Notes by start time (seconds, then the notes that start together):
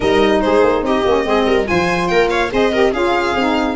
0.00 G3 D#4 A#4 D#5
0.41 G#3 G#4 C5
0.63 A#3
0.82 C4 G4 D#5
1.05 A#3 C#4
1.24 G#3 C4 G#4
1.46 G3 A#4
1.65 F3 F4 C5 G#5
2.07 A#3 A#4 G5
2.29 C#5 F5
2.51 C4 G#4 C5 D#5
2.72 G4 A#4
2.92 C#4 F4 G#4 F5
3.35 C4 D#4